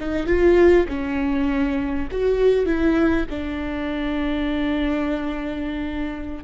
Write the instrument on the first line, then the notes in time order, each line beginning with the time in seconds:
viola
0.00 D#4
0.27 F4
0.88 C#4
2.12 F#4
2.66 E4
3.30 D4